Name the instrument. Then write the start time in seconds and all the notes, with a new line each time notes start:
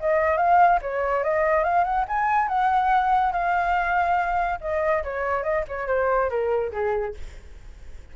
flute
0.00 D#5
0.37 F5
0.82 C#5
1.23 D#5
1.64 F5
1.84 F#5
2.08 G#5
2.48 F#5
3.32 F5
4.61 D#5
5.04 C#5
5.43 D#5
5.68 C#5
5.88 C5
6.30 A#4
6.72 G#4